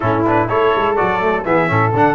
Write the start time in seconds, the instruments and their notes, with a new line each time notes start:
0.00 tuba A2, trombone C#4, flute E4, trumpet A4
0.26 trombone D4, trumpet B4
0.47 tuba A3, trombone E4, flute A4, trumpet C#5
0.75 tuba G#3
0.95 tuba F#3, trombone F#4, trumpet D5
1.20 trombone A3
1.44 tuba E3, trombone B3, flute G#4, trumpet E5
1.67 tuba A2, trombone C#4, flute A4
1.93 tuba D3, trombone D4, trumpet F#5